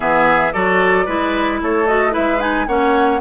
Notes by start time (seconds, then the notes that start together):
0.00 E3 B3 G#4 E5
0.52 F#3 F#4 A4 D5
1.05 G#3 E4 B4
1.61 A3 A4 C#5
1.87 F#4 D#5
2.10 E4 B4 E5
2.17 G#3
2.39 D#4 G#5
2.67 A#3 C#4 C#5 F#5